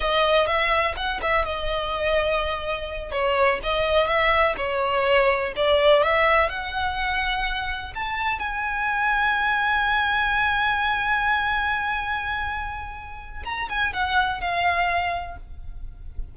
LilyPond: \new Staff \with { instrumentName = "violin" } { \time 4/4 \tempo 4 = 125 dis''4 e''4 fis''8 e''8 dis''4~ | dis''2~ dis''8 cis''4 dis''8~ | dis''8 e''4 cis''2 d''8~ | d''8 e''4 fis''2~ fis''8~ |
fis''8 a''4 gis''2~ gis''8~ | gis''1~ | gis''1 | ais''8 gis''8 fis''4 f''2 | }